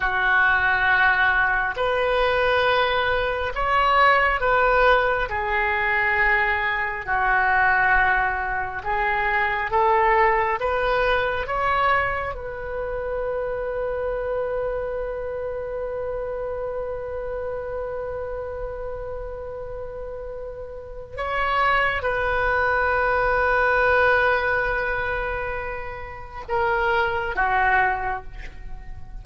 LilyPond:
\new Staff \with { instrumentName = "oboe" } { \time 4/4 \tempo 4 = 68 fis'2 b'2 | cis''4 b'4 gis'2 | fis'2 gis'4 a'4 | b'4 cis''4 b'2~ |
b'1~ | b'1 | cis''4 b'2.~ | b'2 ais'4 fis'4 | }